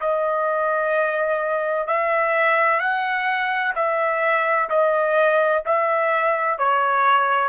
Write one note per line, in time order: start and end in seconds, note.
0.00 1.87 D#5
1.87 2.80 E5
2.80 3.73 F#5
3.75 4.69 E5
4.69 5.63 D#5
5.65 6.58 E5
6.58 7.48 C#5